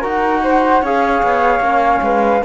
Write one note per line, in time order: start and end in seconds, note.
0.00 0.82 D#4
0.00 0.81 F#4
0.00 0.40 A#4
0.06 0.85 F#5
0.43 0.81 C5
0.81 1.22 C#4
0.81 1.62 G#4
0.81 2.01 C#5
0.81 2.44 F5
1.22 1.59 B3
1.59 1.99 A#3
1.59 2.42 C#4
2.01 2.41 G#3
2.01 2.44 B4